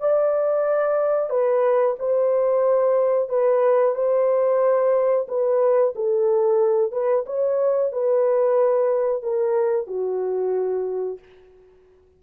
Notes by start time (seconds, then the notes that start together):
0.00 D5
1.30 B4
1.99 C5
3.29 B4
3.95 C5
5.28 B4
5.96 A4
6.92 B4
7.26 C#5
7.92 B4
9.23 A#4
9.87 F#4